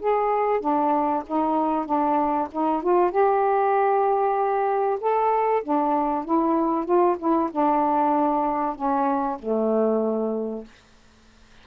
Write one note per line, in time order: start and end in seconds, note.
0.00 0.61 G#4
0.61 1.23 D4
1.27 1.86 D#4
1.86 2.48 D4
2.52 2.83 D#4
2.83 3.11 F4
3.11 4.99 G4
5.00 5.63 A4
5.63 6.25 D4
6.25 6.85 E4
6.85 7.16 F4
7.19 7.50 E4
7.52 8.76 D4
8.76 9.38 C#4
9.39 10.64 A3